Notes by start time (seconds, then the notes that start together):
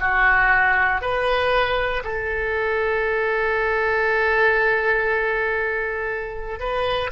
0.00 F#4
1.01 B4
2.04 A4
6.60 B4